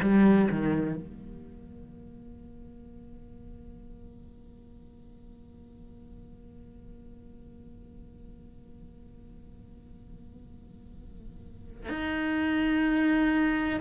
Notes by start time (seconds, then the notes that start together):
0.00 G3
0.50 D#3
0.95 A#3
11.89 D#4